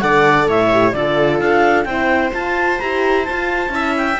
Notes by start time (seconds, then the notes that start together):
0.00 D3 A4 D5 F#5
0.47 A2 C#5 E5
0.72 G4
0.92 D3 F4 A4 D5
1.39 D4 F5
1.84 C4 E4 C5 G5
2.32 F4 A5
2.79 E4 G4 A#5
3.25 F4 A5
3.69 C#4 E4 E5
3.97 G5